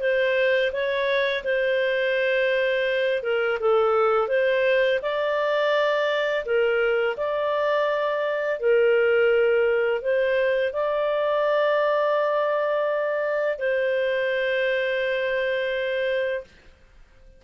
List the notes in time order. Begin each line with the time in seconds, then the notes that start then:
0.00 C5
0.72 C#5
1.44 C5
3.22 A#4
3.60 A4
4.28 C5
5.02 D5
6.45 A#4
7.17 D5
8.59 A#4
10.01 C5
10.73 D5
13.58 C5